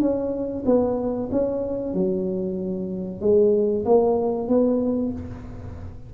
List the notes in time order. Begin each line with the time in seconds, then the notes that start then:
0.00 C#4
0.66 B3
1.32 C#4
1.94 F#3
3.21 G#3
3.85 A#3
4.48 B3